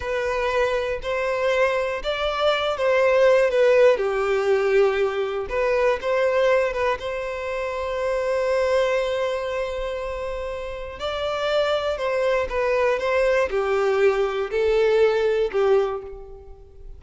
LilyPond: \new Staff \with { instrumentName = "violin" } { \time 4/4 \tempo 4 = 120 b'2 c''2 | d''4. c''4. b'4 | g'2. b'4 | c''4. b'8 c''2~ |
c''1~ | c''2 d''2 | c''4 b'4 c''4 g'4~ | g'4 a'2 g'4 | }